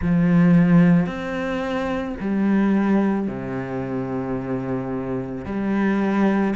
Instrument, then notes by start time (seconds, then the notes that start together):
cello
0.01 F3
1.06 C4
2.20 G3
3.27 C3
5.45 G3